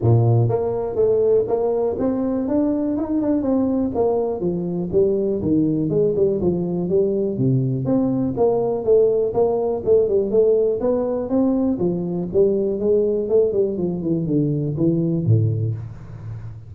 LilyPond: \new Staff \with { instrumentName = "tuba" } { \time 4/4 \tempo 4 = 122 ais,4 ais4 a4 ais4 | c'4 d'4 dis'8 d'8 c'4 | ais4 f4 g4 dis4 | gis8 g8 f4 g4 c4 |
c'4 ais4 a4 ais4 | a8 g8 a4 b4 c'4 | f4 g4 gis4 a8 g8 | f8 e8 d4 e4 a,4 | }